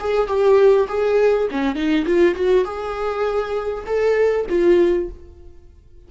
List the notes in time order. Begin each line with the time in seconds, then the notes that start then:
0.00 G#4
0.28 G4
0.89 G#4
1.52 C#4
1.76 D#4
2.06 F4
2.35 F#4
2.65 G#4
3.86 A4
4.49 F4